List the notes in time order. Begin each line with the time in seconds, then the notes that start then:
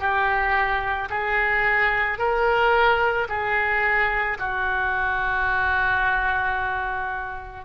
0.00 G4
1.10 G#4
2.19 A#4
3.29 G#4
4.39 F#4